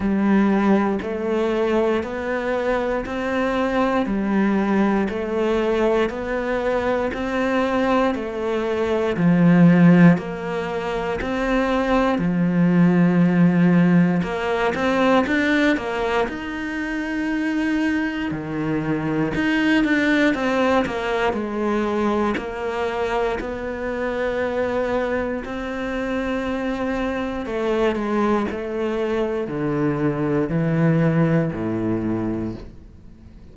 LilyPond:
\new Staff \with { instrumentName = "cello" } { \time 4/4 \tempo 4 = 59 g4 a4 b4 c'4 | g4 a4 b4 c'4 | a4 f4 ais4 c'4 | f2 ais8 c'8 d'8 ais8 |
dis'2 dis4 dis'8 d'8 | c'8 ais8 gis4 ais4 b4~ | b4 c'2 a8 gis8 | a4 d4 e4 a,4 | }